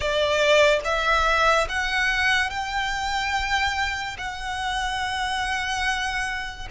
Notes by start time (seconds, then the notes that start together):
0.00 D5
0.84 E5
1.68 F#5
2.50 G5
4.18 F#5